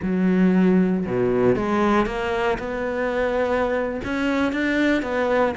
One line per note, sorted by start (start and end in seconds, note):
0.02 1.06 F#3
1.06 1.55 B2
1.55 2.06 G#3
2.06 2.57 A#3
2.58 4.01 B3
4.04 4.52 C#4
4.52 5.02 D4
5.02 5.54 B3